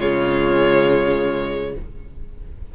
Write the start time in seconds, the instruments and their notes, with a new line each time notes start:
0.00 cello C#3, viola G#3, violin F4 C#5